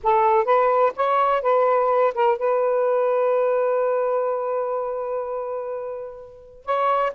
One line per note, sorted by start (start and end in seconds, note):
0.03 0.44 A4
0.44 0.92 B4
0.95 1.42 C#5
1.42 2.13 B4
2.14 2.38 A#4
2.38 6.65 B4
6.65 7.13 C#5